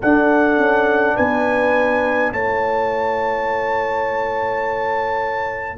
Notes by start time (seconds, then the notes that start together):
0.00 D4 A4 F#5
0.57 C#4
1.15 B3 B4 G#5
2.32 A3 E4 C#5 A5